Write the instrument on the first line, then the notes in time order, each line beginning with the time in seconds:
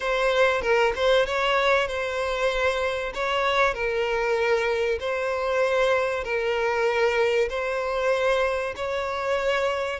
violin
0.00 C5
0.61 A#4
0.95 C5
1.26 C#5
1.88 C5
3.13 C#5
3.74 A#4
5.00 C5
6.24 A#4
7.49 C5
8.76 C#5